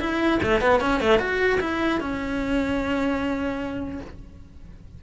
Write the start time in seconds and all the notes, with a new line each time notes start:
0.00 E4
0.43 A3
0.61 B3
0.80 C#4
1.00 A3
1.19 F#4
1.60 E4
2.00 C#4